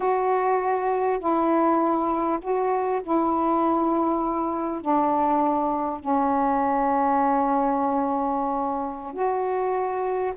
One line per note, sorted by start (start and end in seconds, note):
0.00 1.19 F#4
1.19 2.39 E4
2.41 3.01 F#4
3.02 4.81 E4
4.81 5.99 D4
5.99 9.13 C#4
9.13 10.33 F#4